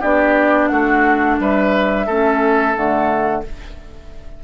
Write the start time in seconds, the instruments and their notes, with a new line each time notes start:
0.00 bassoon B3, clarinet D4, oboe G4, flute D5
0.67 bassoon A3, oboe F#4, flute F#5
1.39 bassoon G3, oboe B4, flute E5
2.06 bassoon A3, clarinet C#4, oboe A4
2.74 bassoon D3, clarinet A3, flute F#5